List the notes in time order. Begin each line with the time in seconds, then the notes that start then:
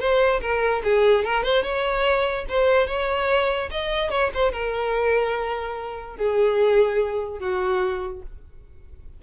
0.00 C5
0.41 A#4
0.84 G#4
1.25 A#4
1.44 C5
1.63 C#5
2.49 C5
2.87 C#5
3.71 D#5
4.10 C#5
4.34 C5
4.53 A#4
6.17 G#4
7.40 F#4